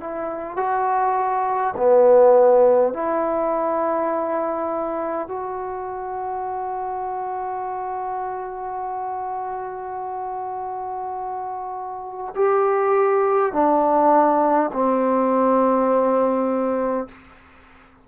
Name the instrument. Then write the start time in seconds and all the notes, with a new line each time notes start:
trombone
0.00 E4
0.57 F#4
1.76 B3
2.94 E4
5.28 F#4
12.35 G4
13.53 D4
14.73 C4